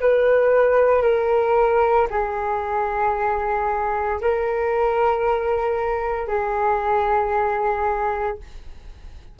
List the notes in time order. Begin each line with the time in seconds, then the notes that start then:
0.00 B4
1.02 A#4
2.10 G#4
4.21 A#4
6.27 G#4